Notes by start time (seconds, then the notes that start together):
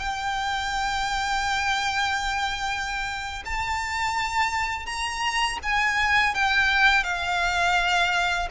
0.00 G5
3.45 A5
4.86 A#5
5.63 G#5
6.35 G5
7.04 F5